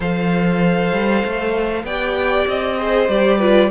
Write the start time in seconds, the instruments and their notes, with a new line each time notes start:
0.00 cello F3, viola A4, violin C5 F5
0.92 cello G3
1.24 cello A3
1.83 cello B3, viola G4, violin D5 G5
2.47 cello C4, violin D#5
2.78 viola G#4, violin C5
3.08 cello G3, viola G4, violin D5
3.38 viola F4, violin B4